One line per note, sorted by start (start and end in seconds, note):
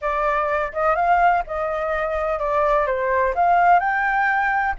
0.01 0.72 D5
0.72 0.95 D#5
0.95 1.43 F5
1.46 2.39 D#5
2.39 2.86 D5
2.86 3.33 C5
3.35 3.79 F5
3.79 4.74 G5